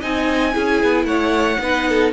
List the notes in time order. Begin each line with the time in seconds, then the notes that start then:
0.00 C4 D#4 D#5 G#5
0.52 C#4 E4 G#4
0.83 B3
1.04 A3 C#5 F#5
1.59 B3 D#4 B4
1.89 A4